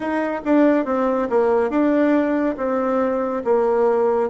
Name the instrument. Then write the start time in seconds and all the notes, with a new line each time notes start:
bassoon
0.00 D#4
0.44 D4
0.85 C4
1.29 A#3
1.69 D4
2.57 C4
3.44 A#3